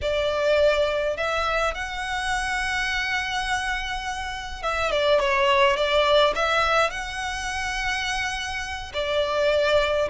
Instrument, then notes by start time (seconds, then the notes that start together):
violin
0.01 D5
1.16 E5
1.74 F#5
4.62 E5
4.91 D5
5.19 C#5
5.76 D5
6.35 E5
6.90 F#5
8.93 D5